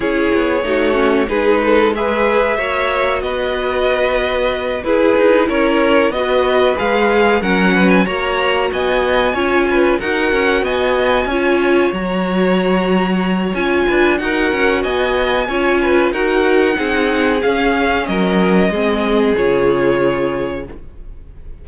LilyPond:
<<
  \new Staff \with { instrumentName = "violin" } { \time 4/4 \tempo 4 = 93 cis''2 b'4 e''4~ | e''4 dis''2~ dis''8 b'8~ | b'8 cis''4 dis''4 f''4 fis''8~ | fis''16 gis''16 ais''4 gis''2 fis''8~ |
fis''8 gis''2 ais''4.~ | ais''4 gis''4 fis''4 gis''4~ | gis''4 fis''2 f''4 | dis''2 cis''2 | }
  \new Staff \with { instrumentName = "violin" } { \time 4/4 gis'4 fis'4 gis'8 a'8 b'4 | cis''4 b'2~ b'8 gis'8~ | gis'8 ais'4 b'2 ais'8 | b'8 cis''4 dis''4 cis''8 b'8 ais'8~ |
ais'8 dis''4 cis''2~ cis''8~ | cis''4. b'8 ais'4 dis''4 | cis''8 b'8 ais'4 gis'2 | ais'4 gis'2. | }
  \new Staff \with { instrumentName = "viola" } { \time 4/4 e'4 dis'8 cis'8 dis'4 gis'4 | fis'2.~ fis'8 e'8~ | e'4. fis'4 gis'4 cis'8~ | cis'8 fis'2 f'4 fis'8~ |
fis'4. f'4 fis'4.~ | fis'4 f'4 fis'2 | f'4 fis'4 dis'4 cis'4~ | cis'4 c'4 f'2 | }
  \new Staff \with { instrumentName = "cello" } { \time 4/4 cis'8 b8 a4 gis2 | ais4 b2~ b8 e'8 | dis'8 cis'4 b4 gis4 fis8~ | fis8 ais4 b4 cis'4 dis'8 |
cis'8 b4 cis'4 fis4.~ | fis4 cis'8 d'8 dis'8 cis'8 b4 | cis'4 dis'4 c'4 cis'4 | fis4 gis4 cis2 | }
>>